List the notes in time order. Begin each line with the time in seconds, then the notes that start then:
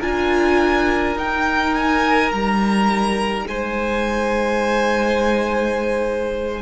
0.00 D4 F4 A#4 G#5
1.16 D#4 G5
1.74 G#5
2.31 G3 A#5
3.47 G#3 C5 G#5